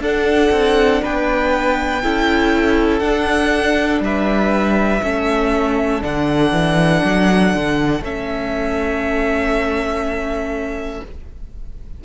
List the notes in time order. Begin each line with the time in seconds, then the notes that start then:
0.00 D4 A4 F#5
0.51 C4
1.02 B3 B4 G5
2.03 C#4 E4 A4
2.99 D4 F#5
4.00 G3 B4 E5
5.03 A3 C#4 A4
6.02 D3 D4 F#5
6.52 E3
7.05 F#3
7.55 D3
8.00 A3 C#4 E5